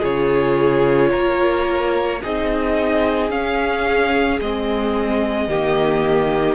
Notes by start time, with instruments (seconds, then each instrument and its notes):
0.00 cello C#3, viola F4, violin G#4 C#5
1.10 cello A#3, violin A#4
2.22 cello C4, viola D#4, violin G#4 D#5
3.30 viola C#4, cello C#4, violin F5
4.40 cello G#3, viola C4, violin D#5
5.48 cello D#3, viola A#3, violin G4